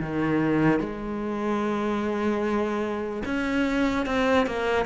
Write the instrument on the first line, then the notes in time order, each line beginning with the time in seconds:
cello
0.00 D#3
0.80 G#3
3.25 C#4
4.06 C4
4.46 A#3